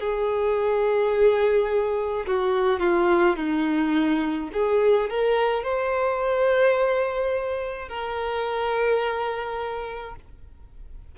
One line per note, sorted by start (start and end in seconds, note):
0.00 2.26 G#4
2.27 2.80 F#4
2.80 3.37 F4
3.37 4.50 D#4
4.53 5.10 G#4
5.10 5.64 A#4
5.64 7.89 C5
7.89 10.15 A#4